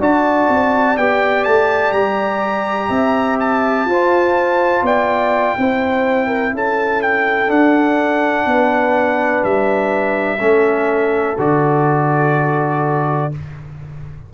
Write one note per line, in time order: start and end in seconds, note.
0.00 0.48 D4
0.00 0.98 F#4
0.00 2.90 D5
0.00 0.98 A5
0.49 0.97 C4
0.98 1.46 B3
0.98 3.89 G4
0.98 1.45 G5
1.45 1.93 A3
1.45 1.92 A5
1.92 2.89 G3
1.92 3.37 A#5
2.90 3.85 C4
2.90 3.86 E5
3.41 4.86 A5
3.85 4.82 F4
3.85 5.59 F4
3.85 4.84 C5
4.83 5.55 B3
4.83 5.56 D5
4.83 6.56 G5
5.58 6.54 C4
5.58 7.48 E4
5.58 6.28 C5
6.28 6.52 A#4
6.54 7.49 C#4
6.54 8.48 A4
6.54 7.03 A5
7.03 7.51 G5
7.48 10.38 D4
7.48 8.46 D4
7.48 9.45 F#5
8.46 9.43 B3
8.46 10.42 B4
9.44 10.41 G3
9.44 11.38 E5
10.40 11.38 A3
10.40 11.37 C#4
10.40 13.32 A4
11.39 13.32 D3
11.39 13.32 F#4
11.39 13.34 D5